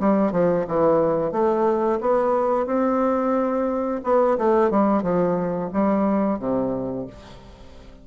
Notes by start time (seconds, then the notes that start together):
0.00 G3
0.32 F3
0.67 E3
1.32 A3
2.00 B3
2.66 C4
4.04 B3
4.38 A3
4.70 G3
5.03 F3
5.73 G3
6.39 C3